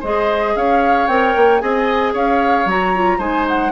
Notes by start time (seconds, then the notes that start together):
0.00 G#3 G#4 C5 D#5
0.55 C#4 C#5 F5
1.07 C4 A#4 G5
1.36 A#3
1.59 C4 G#4 D#5 G#5
2.13 C#4 C#5 F5
2.65 F#3 F#4 A#5
2.95 F4
3.18 G#3 D#4 C5 G#5
3.48 F#5